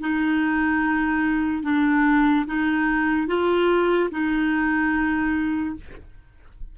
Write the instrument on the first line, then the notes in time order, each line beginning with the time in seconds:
clarinet
0.00 D#4
1.63 D4
2.46 D#4
3.27 F4
4.11 D#4